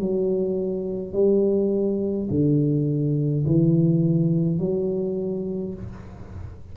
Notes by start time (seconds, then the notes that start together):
0.00 F#3
1.13 G3
2.30 D3
3.46 E3
4.59 F#3